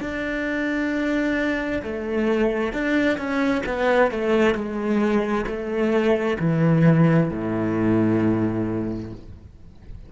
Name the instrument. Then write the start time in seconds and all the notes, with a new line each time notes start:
cello
0.00 D4
1.83 A3
2.73 D4
3.17 C#4
3.65 B3
4.11 A3
4.55 G#3
5.46 A3
6.39 E3
7.30 A2